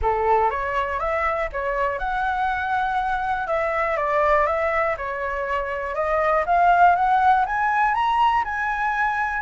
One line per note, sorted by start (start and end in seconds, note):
0.02 0.50 A4
0.50 0.99 C#5
0.99 1.49 E5
1.52 1.98 C#5
1.98 3.47 F#5
3.47 3.96 E5
3.96 4.46 D5
4.46 4.96 E5
4.97 5.94 C#5
5.94 6.44 D#5
6.46 6.95 F5
6.95 7.45 F#5
7.46 7.94 G#5
7.94 8.44 A#5
8.44 9.41 G#5